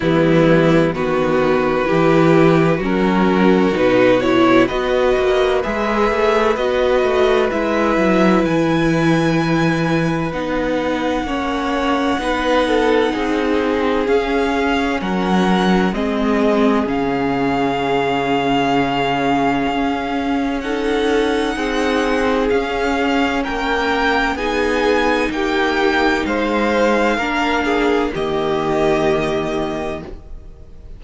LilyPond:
<<
  \new Staff \with { instrumentName = "violin" } { \time 4/4 \tempo 4 = 64 e'4 b'2 ais'4 | b'8 cis''8 dis''4 e''4 dis''4 | e''4 gis''2 fis''4~ | fis''2. f''4 |
fis''4 dis''4 f''2~ | f''2 fis''2 | f''4 g''4 gis''4 g''4 | f''2 dis''2 | }
  \new Staff \with { instrumentName = "violin" } { \time 4/4 b4 fis'4 g'4 fis'4~ | fis'4 b'2.~ | b'1 | cis''4 b'8 a'8 gis'2 |
ais'4 gis'2.~ | gis'2 a'4 gis'4~ | gis'4 ais'4 gis'4 g'4 | c''4 ais'8 gis'8 g'2 | }
  \new Staff \with { instrumentName = "viola" } { \time 4/4 g4 b4 e'4 cis'4 | dis'8 e'8 fis'4 gis'4 fis'4 | e'2. dis'4 | cis'4 dis'2 cis'4~ |
cis'4 c'4 cis'2~ | cis'2 dis'2 | cis'2 dis'2~ | dis'4 d'4 ais2 | }
  \new Staff \with { instrumentName = "cello" } { \time 4/4 e4 dis4 e4 fis4 | b,4 b8 ais8 gis8 a8 b8 a8 | gis8 fis8 e2 b4 | ais4 b4 c'4 cis'4 |
fis4 gis4 cis2~ | cis4 cis'2 c'4 | cis'4 ais4 b4 ais4 | gis4 ais4 dis2 | }
>>